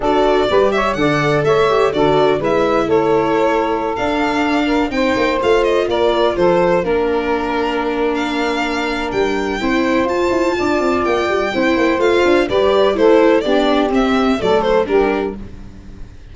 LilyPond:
<<
  \new Staff \with { instrumentName = "violin" } { \time 4/4 \tempo 4 = 125 d''4. e''8 fis''4 e''4 | d''4 e''4 cis''2~ | cis''16 f''2 g''4 f''8 dis''16~ | dis''16 d''4 c''4 ais'4.~ ais'16~ |
ais'4 f''2 g''4~ | g''4 a''2 g''4~ | g''4 f''4 d''4 c''4 | d''4 e''4 d''8 c''8 ais'4 | }
  \new Staff \with { instrumentName = "saxophone" } { \time 4/4 a'4 b'8 cis''8 d''4 cis''4 | a'4 b'4 a'2~ | a'4.~ a'16 ais'8 c''4.~ c''16~ | c''16 ais'4 a'4 ais'4.~ ais'16~ |
ais'1 | c''2 d''2 | c''2 b'4 a'4 | g'2 a'4 g'4 | }
  \new Staff \with { instrumentName = "viola" } { \time 4/4 fis'4 g'4 a'4. g'8 | fis'4 e'2.~ | e'16 d'2 dis'4 f'8.~ | f'2~ f'16 d'4.~ d'16~ |
d'1 | e'4 f'2. | e'4 f'4 g'4 e'4 | d'4 c'4 a4 d'4 | }
  \new Staff \with { instrumentName = "tuba" } { \time 4/4 d'4 g4 d4 a4 | d4 gis4 a2~ | a16 d'2 c'8 ais8 a8.~ | a16 ais4 f4 ais4.~ ais16~ |
ais2. g4 | c'4 f'8 e'8 d'8 c'8 ais8 g8 | c'8 ais8 a8 d'8 g4 a4 | b4 c'4 fis4 g4 | }
>>